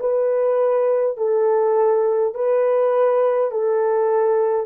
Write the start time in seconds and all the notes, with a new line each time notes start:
0.00 B4
1.17 A4
2.34 B4
3.51 A4